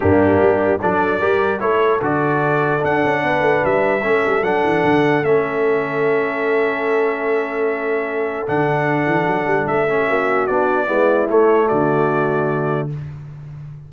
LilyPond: <<
  \new Staff \with { instrumentName = "trumpet" } { \time 4/4 \tempo 4 = 149 g'2 d''2 | cis''4 d''2 fis''4~ | fis''4 e''2 fis''4~ | fis''4 e''2.~ |
e''1~ | e''4 fis''2. | e''2 d''2 | cis''4 d''2. | }
  \new Staff \with { instrumentName = "horn" } { \time 4/4 d'2 a'4 ais'4 | a'1 | b'2 a'2~ | a'1~ |
a'1~ | a'1~ | a'8. g'16 fis'2 e'4~ | e'4 fis'2. | }
  \new Staff \with { instrumentName = "trombone" } { \time 4/4 ais2 d'4 g'4 | e'4 fis'2 d'4~ | d'2 cis'4 d'4~ | d'4 cis'2.~ |
cis'1~ | cis'4 d'2.~ | d'8 cis'4. d'4 b4 | a1 | }
  \new Staff \with { instrumentName = "tuba" } { \time 4/4 g,4 g4 fis4 g4 | a4 d2 d'8 cis'8 | b8 a8 g4 a8 g8 fis8 e8 | d4 a2.~ |
a1~ | a4 d4. e8 fis8 g8 | a4 ais4 b4 gis4 | a4 d2. | }
>>